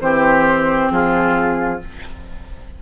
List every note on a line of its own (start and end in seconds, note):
0.00 0.90 E3
0.00 1.79 C4
0.00 0.93 G4
0.00 0.91 C5
0.91 1.81 F3
0.91 1.82 F4
0.91 1.81 G#4